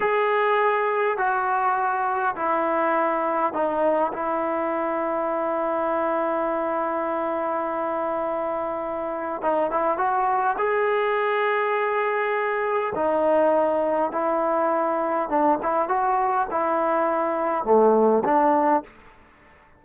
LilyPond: \new Staff \with { instrumentName = "trombone" } { \time 4/4 \tempo 4 = 102 gis'2 fis'2 | e'2 dis'4 e'4~ | e'1~ | e'1 |
dis'8 e'8 fis'4 gis'2~ | gis'2 dis'2 | e'2 d'8 e'8 fis'4 | e'2 a4 d'4 | }